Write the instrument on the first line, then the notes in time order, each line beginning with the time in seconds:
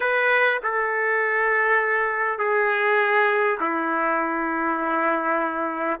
trumpet
0.00 B4
0.63 A4
2.38 G#4
3.60 E4